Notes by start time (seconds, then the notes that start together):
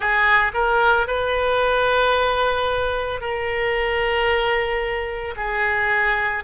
0.00 G#4
0.53 A#4
1.07 B4
3.20 A#4
5.36 G#4